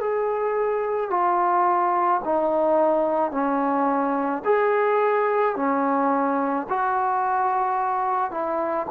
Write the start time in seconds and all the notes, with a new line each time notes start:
0.00 G#4
1.10 F4
2.25 D#4
3.31 C#4
4.44 G#4
5.56 C#4
6.69 F#4
8.31 E4